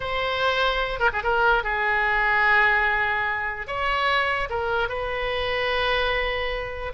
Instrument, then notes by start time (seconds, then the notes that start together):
oboe
0.00 C5
0.99 A#4
1.12 G#4
1.23 A#4
1.63 G#4
3.67 C#5
4.49 A#4
4.88 B4